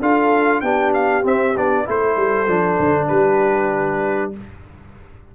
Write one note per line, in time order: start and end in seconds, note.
0.00 0.62 D4
0.00 0.63 F4
0.00 0.62 A4
0.00 0.61 F5
0.61 1.24 B3
0.61 1.23 D4
0.61 1.85 G4
0.61 0.92 G5
0.93 1.24 F5
1.23 1.53 C4
1.23 1.56 C4
1.23 1.57 E5
1.56 1.87 B3
1.56 1.85 D4
1.56 1.88 D5
1.85 2.16 A3
1.85 2.47 E4
1.85 3.07 A4
1.85 3.07 C5
2.16 2.47 G3
2.47 2.78 F3
2.47 4.32 D4
2.79 3.10 D3
3.07 4.35 G3
3.07 4.31 G4
3.07 4.31 B4